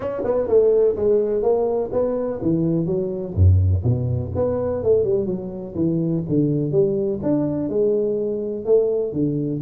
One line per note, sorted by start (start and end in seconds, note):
0.00 0.22 C#4
0.24 0.47 B3
0.47 0.95 A3
0.95 1.42 G#3
1.42 1.90 A#3
1.92 2.40 B3
2.41 2.86 E3
2.86 3.34 F#3
3.34 3.82 F#2
3.83 4.31 B2
4.35 4.83 B3
4.83 5.04 A3
5.04 5.26 G3
5.26 5.74 F#3
5.75 6.23 E3
6.28 6.71 D3
6.71 7.19 G3
7.22 7.69 D4
7.69 8.65 G#3
8.65 9.12 A3
9.12 9.60 D3